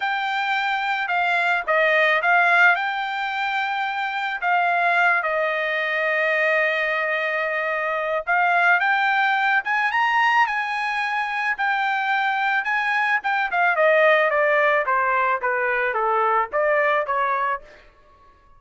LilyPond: \new Staff \with { instrumentName = "trumpet" } { \time 4/4 \tempo 4 = 109 g''2 f''4 dis''4 | f''4 g''2. | f''4. dis''2~ dis''8~ | dis''2. f''4 |
g''4. gis''8 ais''4 gis''4~ | gis''4 g''2 gis''4 | g''8 f''8 dis''4 d''4 c''4 | b'4 a'4 d''4 cis''4 | }